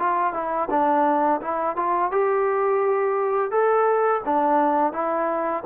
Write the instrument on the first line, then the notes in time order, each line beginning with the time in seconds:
trombone
0.00 F4
0.34 E4
0.71 D4
1.42 E4
1.77 F4
2.12 G4
3.51 A4
4.26 D4
4.93 E4